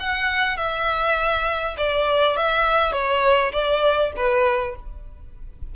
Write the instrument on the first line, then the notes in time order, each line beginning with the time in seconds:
violin
0.00 F#5
0.57 E5
1.78 D5
2.37 E5
2.93 C#5
3.53 D5
4.16 B4